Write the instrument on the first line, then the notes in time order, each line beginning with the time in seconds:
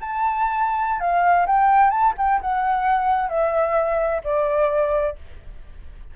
flute
0.00 A5
1.00 F5
1.46 G5
1.90 A5
2.17 G5
2.41 F#5
3.29 E5
4.24 D5